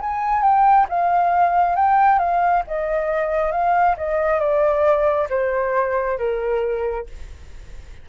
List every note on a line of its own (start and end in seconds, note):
0.00 0.42 G#5
0.42 0.86 G5
0.88 1.75 F5
1.75 2.18 G5
2.18 2.62 F5
2.67 3.51 D#5
3.51 3.95 F5
3.97 4.39 D#5
4.39 5.27 D5
5.29 6.17 C5
6.18 7.06 A#4